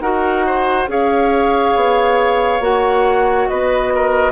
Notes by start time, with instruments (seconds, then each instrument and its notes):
0.00 bassoon D#4, clarinet F#4, oboe A#4, flute F#5
0.46 oboe C5
0.87 bassoon C#4, clarinet G#4, oboe C#5, flute F5
1.76 bassoon B3
2.61 bassoon A#3, clarinet F#4, flute F#5
3.48 bassoon B3, oboe B4, flute D#5
3.95 oboe A#4